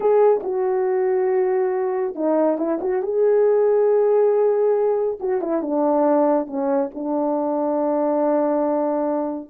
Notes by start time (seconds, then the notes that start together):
0.00 G#4
0.43 F#4
2.15 D#4
2.57 E4
2.81 F#4
3.02 G#4
5.20 F#4
5.41 E4
5.62 D4
6.46 C#4
6.94 D4